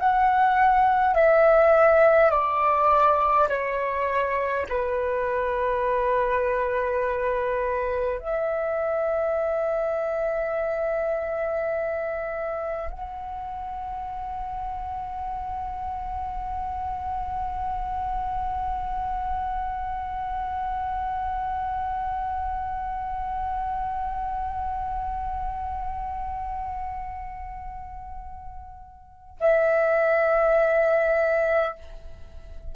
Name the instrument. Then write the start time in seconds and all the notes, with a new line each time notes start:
flute
0.00 F#5
1.15 E5
2.31 D5
3.49 C#5
4.69 B4
8.20 E5
12.91 F#5
29.40 E5